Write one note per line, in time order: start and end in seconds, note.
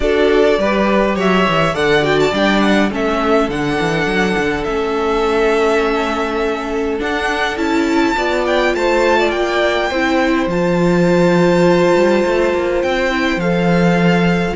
0.00 0.58 D4
0.00 0.59 F#4
0.00 0.59 A4
0.00 1.16 D5
0.58 1.16 G3
0.58 1.74 G4
0.58 1.15 B4
1.15 1.45 F#3
1.15 1.73 C#5
1.15 1.75 E5
1.48 1.75 E3
1.73 2.32 D3
1.73 2.02 A4
1.73 2.90 D5
1.73 2.04 F#5
2.02 2.31 F#4
2.02 2.19 G5
2.19 2.34 A5
2.32 2.90 G3
2.32 2.91 D4
2.32 2.60 G5
2.60 2.89 F#5
2.90 3.48 A3
2.90 3.49 C#4
2.90 8.16 A4
2.90 3.50 E5
3.48 3.77 D3
3.48 4.67 D4
3.48 4.64 F#5
3.80 4.06 E3
4.06 4.35 F#3
4.38 4.67 D3
4.64 7.00 A3
4.64 6.99 C#4
4.64 6.97 E5
6.99 7.56 D4
6.99 7.57 D4
6.99 7.57 F#5
7.56 8.15 C#4
7.56 8.15 E4
7.56 8.44 A5
8.16 8.74 B3
8.16 9.91 F4
8.16 8.75 D5
8.46 8.75 G5
8.74 9.32 A3
8.74 9.19 C5
8.74 9.31 A5
9.19 9.90 D5
9.31 9.90 A#3
9.31 10.47 G5
9.90 10.46 C4
9.90 10.49 E4
9.90 14.56 C5
10.46 11.92 F3
10.46 13.10 F4
10.46 12.82 A5
11.95 12.24 G3
12.25 12.53 A3
12.53 12.83 A#3
12.82 13.36 C4
12.82 13.39 G5
13.10 13.39 E4
13.36 14.52 F3
13.36 14.56 A4
13.36 14.56 F5